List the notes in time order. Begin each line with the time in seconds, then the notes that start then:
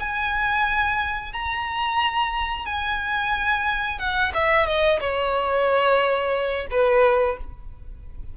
0.00 G#5
1.33 A#5
2.66 G#5
3.99 F#5
4.35 E5
4.67 D#5
5.01 C#5
6.71 B4